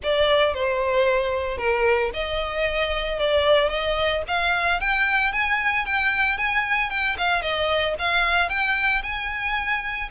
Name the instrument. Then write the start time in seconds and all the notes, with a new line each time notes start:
violin
0.03 D5
0.53 C5
1.57 A#4
2.13 D#5
3.19 D5
3.69 D#5
4.27 F5
4.80 G5
5.32 G#5
5.85 G5
6.37 G#5
6.90 G5
7.18 F5
7.41 D#5
7.98 F5
8.49 G5
9.03 G#5